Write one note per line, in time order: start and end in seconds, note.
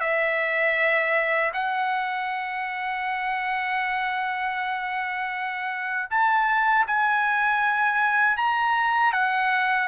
0.00 1.52 E5
1.53 6.09 F#5
6.10 6.86 A5
6.87 8.37 G#5
8.37 9.12 A#5
9.12 9.88 F#5